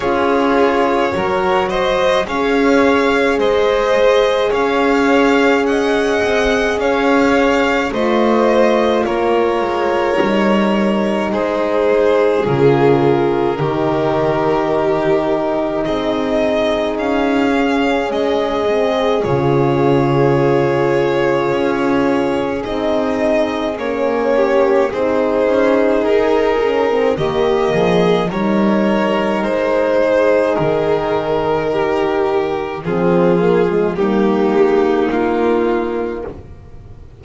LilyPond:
<<
  \new Staff \with { instrumentName = "violin" } { \time 4/4 \tempo 4 = 53 cis''4. dis''8 f''4 dis''4 | f''4 fis''4 f''4 dis''4 | cis''2 c''4 ais'4~ | ais'2 dis''4 f''4 |
dis''4 cis''2. | dis''4 cis''4 c''4 ais'4 | dis''4 cis''4 c''4 ais'4~ | ais'4 gis'4 g'4 f'4 | }
  \new Staff \with { instrumentName = "violin" } { \time 4/4 gis'4 ais'8 c''8 cis''4 c''4 | cis''4 dis''4 cis''4 c''4 | ais'2 gis'2 | g'2 gis'2~ |
gis'1~ | gis'4. g'8 gis'2 | g'8 gis'8 ais'4. gis'4. | g'4 f'4 dis'2 | }
  \new Staff \with { instrumentName = "horn" } { \time 4/4 f'4 fis'4 gis'2~ | gis'2. f'4~ | f'4 dis'2 f'4 | dis'2.~ dis'8 cis'8~ |
cis'8 c'8 f'2. | dis'4 cis'4 dis'4. cis'16 c'16 | ais4 dis'2.~ | dis'4 c'8 ais16 gis16 ais2 | }
  \new Staff \with { instrumentName = "double bass" } { \time 4/4 cis'4 fis4 cis'4 gis4 | cis'4. c'8 cis'4 a4 | ais8 gis8 g4 gis4 cis4 | dis2 c'4 cis'4 |
gis4 cis2 cis'4 | c'4 ais4 c'8 cis'8 dis'4 | dis8 f8 g4 gis4 dis4~ | dis4 f4 g8 gis8 ais4 | }
>>